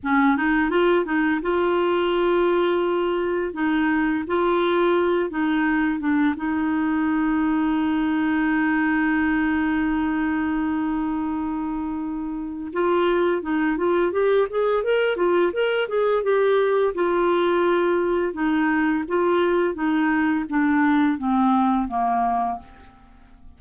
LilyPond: \new Staff \with { instrumentName = "clarinet" } { \time 4/4 \tempo 4 = 85 cis'8 dis'8 f'8 dis'8 f'2~ | f'4 dis'4 f'4. dis'8~ | dis'8 d'8 dis'2.~ | dis'1~ |
dis'2 f'4 dis'8 f'8 | g'8 gis'8 ais'8 f'8 ais'8 gis'8 g'4 | f'2 dis'4 f'4 | dis'4 d'4 c'4 ais4 | }